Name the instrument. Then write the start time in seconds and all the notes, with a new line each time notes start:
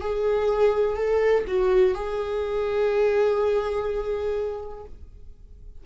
viola
0.00 G#4
0.96 A4
1.46 F#4
1.94 G#4